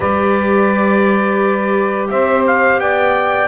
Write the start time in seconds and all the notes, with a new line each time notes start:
0.00 G3 G4 B4 D5
2.09 C4 C5 E5
2.47 F5
2.78 B3 D5 G5